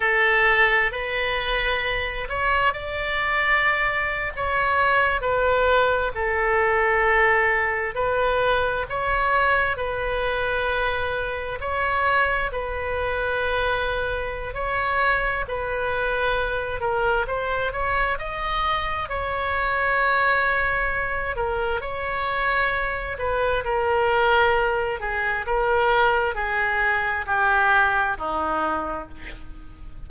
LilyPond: \new Staff \with { instrumentName = "oboe" } { \time 4/4 \tempo 4 = 66 a'4 b'4. cis''8 d''4~ | d''8. cis''4 b'4 a'4~ a'16~ | a'8. b'4 cis''4 b'4~ b'16~ | b'8. cis''4 b'2~ b'16 |
cis''4 b'4. ais'8 c''8 cis''8 | dis''4 cis''2~ cis''8 ais'8 | cis''4. b'8 ais'4. gis'8 | ais'4 gis'4 g'4 dis'4 | }